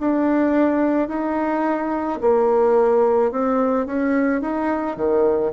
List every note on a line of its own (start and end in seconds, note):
0.00 1.08 D4
1.08 2.19 D#4
2.21 3.31 A#3
3.31 3.86 C4
3.86 4.41 C#4
4.41 4.96 D#4
4.96 5.52 D#3